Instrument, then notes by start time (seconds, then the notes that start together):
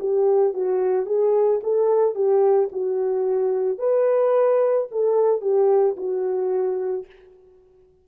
horn
0.00 G4
0.54 F#4
1.07 G#4
1.64 A4
2.15 G4
2.72 F#4
3.79 B4
4.91 A4
5.41 G4
5.97 F#4